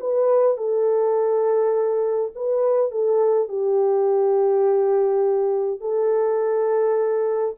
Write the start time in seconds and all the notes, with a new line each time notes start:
0.00 B4
0.57 A4
2.35 B4
2.91 A4
3.48 G4
5.80 A4